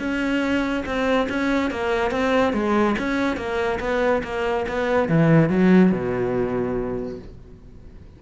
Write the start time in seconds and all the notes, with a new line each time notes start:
0.00 C#4
0.86 C4
1.30 C#4
1.71 A#3
2.11 C4
2.54 G#3
2.99 C#4
3.37 A#3
3.80 B3
4.24 A#3
4.69 B3
5.09 E3
5.50 F#3
5.92 B2